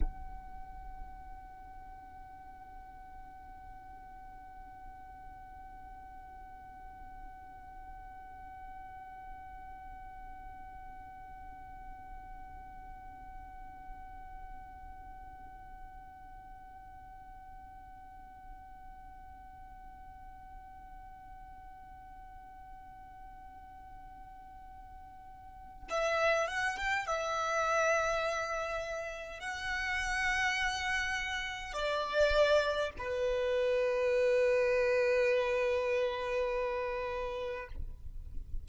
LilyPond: \new Staff \with { instrumentName = "violin" } { \time 4/4 \tempo 4 = 51 fis''1~ | fis''1~ | fis''1~ | fis''1~ |
fis''1~ | fis''2 e''8 fis''16 g''16 e''4~ | e''4 fis''2 d''4 | b'1 | }